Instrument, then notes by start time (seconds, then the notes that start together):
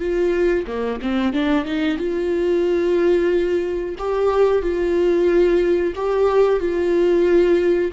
viola
0.00 F4
0.67 A#3
1.02 C4
1.34 D4
1.66 D#4
1.98 F4
3.99 G4
4.63 F4
5.96 G4
6.60 F4